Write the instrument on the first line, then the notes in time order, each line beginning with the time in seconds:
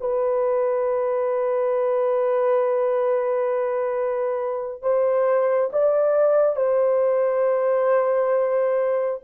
horn
0.00 B4
4.82 C5
5.72 D5
6.56 C5